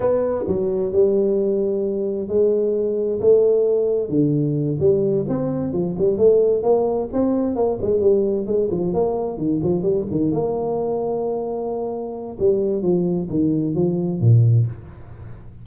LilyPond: \new Staff \with { instrumentName = "tuba" } { \time 4/4 \tempo 4 = 131 b4 fis4 g2~ | g4 gis2 a4~ | a4 d4. g4 c'8~ | c'8 f8 g8 a4 ais4 c'8~ |
c'8 ais8 gis8 g4 gis8 f8 ais8~ | ais8 dis8 f8 g8 dis8 ais4.~ | ais2. g4 | f4 dis4 f4 ais,4 | }